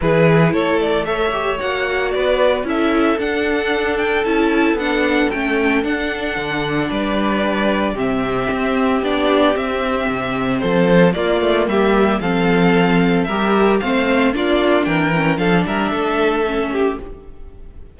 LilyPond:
<<
  \new Staff \with { instrumentName = "violin" } { \time 4/4 \tempo 4 = 113 b'4 cis''8 d''8 e''4 fis''4 | d''4 e''4 fis''4. g''8 | a''4 fis''4 g''4 fis''4~ | fis''4 d''2 e''4~ |
e''4 d''4 e''2 | c''4 d''4 e''4 f''4~ | f''4 e''4 f''4 d''4 | g''4 f''8 e''2~ e''8 | }
  \new Staff \with { instrumentName = "violin" } { \time 4/4 gis'4 a'4 cis''2 | b'4 a'2.~ | a'1~ | a'4 b'2 g'4~ |
g'1 | a'4 f'4 g'4 a'4~ | a'4 ais'4 c''4 f'4 | ais'4 a'8 ais'8 a'4. g'8 | }
  \new Staff \with { instrumentName = "viola" } { \time 4/4 e'2 a'8 g'8 fis'4~ | fis'4 e'4 d'2 | e'4 d'4 cis'4 d'4~ | d'2. c'4~ |
c'4 d'4 c'2~ | c'4 ais2 c'4~ | c'4 g'4 c'4 d'4~ | d'8 cis'8 d'2 cis'4 | }
  \new Staff \with { instrumentName = "cello" } { \time 4/4 e4 a2 ais4 | b4 cis'4 d'2 | cis'4 b4 a4 d'4 | d4 g2 c4 |
c'4 b4 c'4 c4 | f4 ais8 a8 g4 f4~ | f4 g4 a4 ais4 | e4 f8 g8 a2 | }
>>